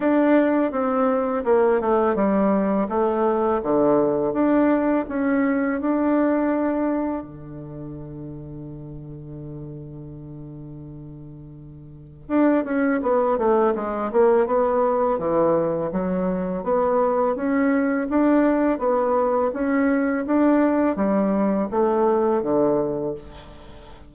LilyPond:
\new Staff \with { instrumentName = "bassoon" } { \time 4/4 \tempo 4 = 83 d'4 c'4 ais8 a8 g4 | a4 d4 d'4 cis'4 | d'2 d2~ | d1~ |
d4 d'8 cis'8 b8 a8 gis8 ais8 | b4 e4 fis4 b4 | cis'4 d'4 b4 cis'4 | d'4 g4 a4 d4 | }